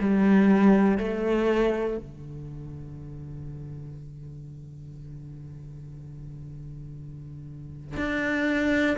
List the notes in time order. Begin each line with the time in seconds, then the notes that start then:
0.00 G3
0.97 A3
1.97 D3
7.96 D4